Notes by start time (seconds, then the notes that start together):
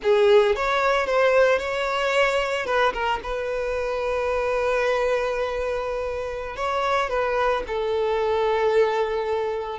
0.02 G#4
0.55 C#5
1.06 C5
1.59 C#5
2.66 B4
2.93 A#4
3.23 B4
6.56 C#5
7.09 B4
7.67 A4